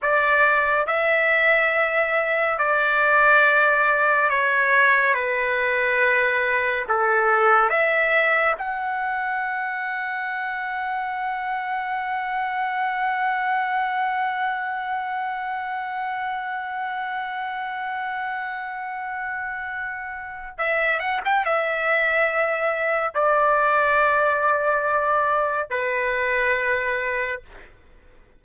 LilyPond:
\new Staff \with { instrumentName = "trumpet" } { \time 4/4 \tempo 4 = 70 d''4 e''2 d''4~ | d''4 cis''4 b'2 | a'4 e''4 fis''2~ | fis''1~ |
fis''1~ | fis''1 | e''8 fis''16 g''16 e''2 d''4~ | d''2 b'2 | }